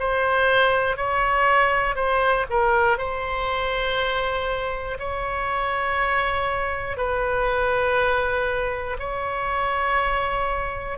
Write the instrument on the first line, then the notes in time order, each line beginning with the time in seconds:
oboe
0.00 C5
0.97 C#5
1.95 C5
2.50 A#4
2.98 C5
4.99 C#5
6.97 B4
9.00 C#5